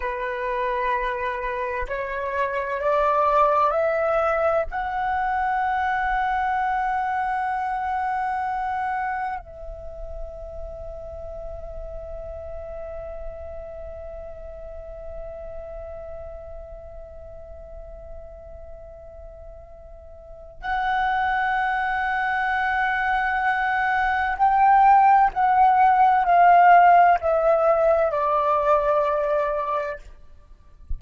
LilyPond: \new Staff \with { instrumentName = "flute" } { \time 4/4 \tempo 4 = 64 b'2 cis''4 d''4 | e''4 fis''2.~ | fis''2 e''2~ | e''1~ |
e''1~ | e''2 fis''2~ | fis''2 g''4 fis''4 | f''4 e''4 d''2 | }